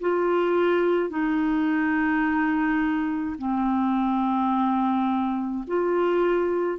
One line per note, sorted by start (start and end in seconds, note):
0.00 1.09 F4
1.09 3.36 D#4
3.38 5.64 C4
5.67 6.79 F4